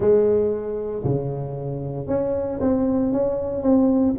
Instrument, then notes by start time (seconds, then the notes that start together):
tuba
0.00 G#3
1.04 C#3
2.07 C#4
2.60 C4
3.12 C#4
3.62 C4